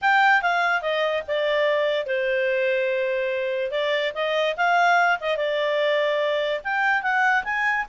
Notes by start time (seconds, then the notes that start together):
0.01 G5
0.42 F5
0.81 D#5
1.27 D5
2.06 C5
3.71 D5
4.14 D#5
4.56 F5
5.20 D#5
5.37 D5
6.64 G5
7.02 F#5
7.44 G#5